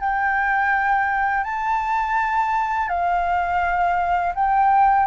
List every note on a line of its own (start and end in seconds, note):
0.00 1.44 G5
1.44 2.89 A5
2.89 4.33 F5
4.35 5.07 G5